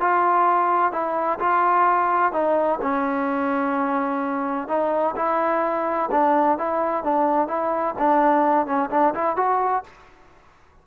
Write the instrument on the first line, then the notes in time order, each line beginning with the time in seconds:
trombone
0.00 F4
0.92 E4
1.39 F4
2.32 D#4
2.81 C#4
4.67 D#4
5.15 E4
6.11 D4
6.57 E4
7.03 D4
7.47 E4
7.98 D4
8.66 C#4
8.90 D4
9.14 E4
9.36 F#4